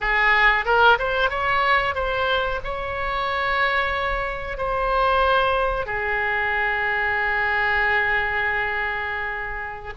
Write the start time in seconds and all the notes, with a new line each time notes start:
0.01 G#4
0.65 A#4
0.98 C5
1.30 C#5
1.94 C5
2.64 C#5
4.57 C5
5.85 G#4